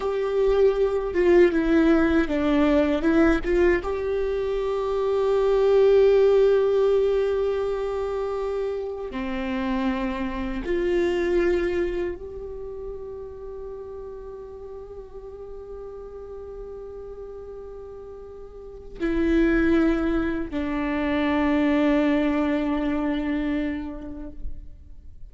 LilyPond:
\new Staff \with { instrumentName = "viola" } { \time 4/4 \tempo 4 = 79 g'4. f'8 e'4 d'4 | e'8 f'8 g'2.~ | g'1 | c'2 f'2 |
g'1~ | g'1~ | g'4 e'2 d'4~ | d'1 | }